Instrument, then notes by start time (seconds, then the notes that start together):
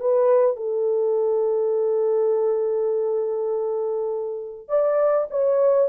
horn
0.00 B4
0.57 A4
4.68 D5
5.30 C#5